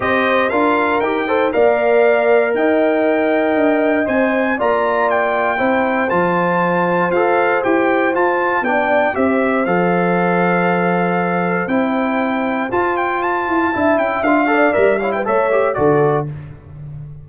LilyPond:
<<
  \new Staff \with { instrumentName = "trumpet" } { \time 4/4 \tempo 4 = 118 dis''4 f''4 g''4 f''4~ | f''4 g''2. | gis''4 ais''4 g''2 | a''2 f''4 g''4 |
a''4 g''4 e''4 f''4~ | f''2. g''4~ | g''4 a''8 g''8 a''4. g''8 | f''4 e''8 f''16 g''16 e''4 d''4 | }
  \new Staff \with { instrumentName = "horn" } { \time 4/4 c''4 ais'4. c''8 d''4~ | d''4 dis''2.~ | dis''4 d''2 c''4~ | c''1~ |
c''4 d''4 c''2~ | c''1~ | c''2. e''4~ | e''8 d''4 cis''16 b'16 cis''4 a'4 | }
  \new Staff \with { instrumentName = "trombone" } { \time 4/4 g'4 f'4 g'8 a'8 ais'4~ | ais'1 | c''4 f'2 e'4 | f'2 a'4 g'4 |
f'4 d'4 g'4 a'4~ | a'2. e'4~ | e'4 f'2 e'4 | f'8 a'8 ais'8 e'8 a'8 g'8 fis'4 | }
  \new Staff \with { instrumentName = "tuba" } { \time 4/4 c'4 d'4 dis'4 ais4~ | ais4 dis'2 d'4 | c'4 ais2 c'4 | f2 f'4 e'4 |
f'4 b4 c'4 f4~ | f2. c'4~ | c'4 f'4. e'8 d'8 cis'8 | d'4 g4 a4 d4 | }
>>